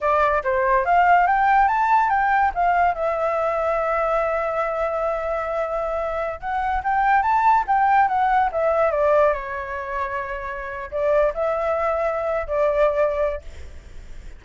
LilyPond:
\new Staff \with { instrumentName = "flute" } { \time 4/4 \tempo 4 = 143 d''4 c''4 f''4 g''4 | a''4 g''4 f''4 e''4~ | e''1~ | e''2.~ e''16 fis''8.~ |
fis''16 g''4 a''4 g''4 fis''8.~ | fis''16 e''4 d''4 cis''4.~ cis''16~ | cis''2 d''4 e''4~ | e''4.~ e''16 d''2~ d''16 | }